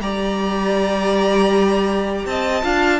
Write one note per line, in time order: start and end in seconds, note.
0.00 2.25 G3
0.00 2.62 G4
0.00 2.27 D5
0.00 2.26 A#5
2.25 2.63 C4
2.25 2.64 D#5
2.25 3.00 A5
2.62 3.00 D4
2.62 3.00 F4
2.62 3.00 F5